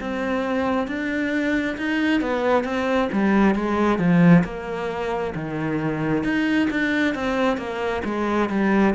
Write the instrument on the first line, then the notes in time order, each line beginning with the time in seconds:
cello
0.00 C4
0.87 D4
1.77 D#4
2.21 B3
2.64 C4
3.12 G3
3.55 G#3
3.99 F3
4.44 A#3
5.35 D#3
6.24 D#4
6.70 D4
7.14 C4
7.57 A#3
8.04 G#3
8.49 G3